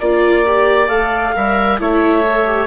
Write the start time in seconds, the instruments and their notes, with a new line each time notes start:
0.00 bassoon A#3, viola F4, oboe D5, clarinet D5
0.46 viola G4
0.88 bassoon A3, viola A4, clarinet F5
1.34 bassoon G3, viola A#4, oboe E5
1.79 bassoon A3, viola E4, oboe C#5, clarinet E5
2.27 viola A4
2.46 viola G4